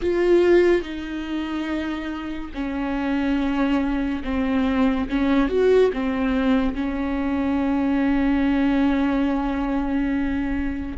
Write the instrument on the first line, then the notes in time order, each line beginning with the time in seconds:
viola
0.01 F4
0.81 D#4
2.54 C#4
4.24 C4
5.09 C#4
5.49 F#4
5.93 C4
6.74 C#4